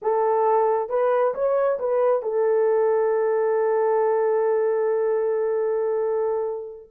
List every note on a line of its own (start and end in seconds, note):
0.02 0.89 A4
0.89 1.33 B4
1.34 1.79 C#5
1.79 2.22 B4
2.22 6.89 A4